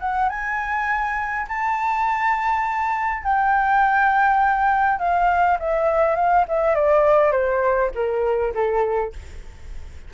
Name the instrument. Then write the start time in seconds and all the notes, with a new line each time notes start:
flute
0.00 F#5
0.29 G#5
1.48 A5
3.23 G5
4.99 F5
5.60 E5
6.16 F5
6.48 E5
6.75 D5
7.32 C5
7.95 A#4
8.54 A4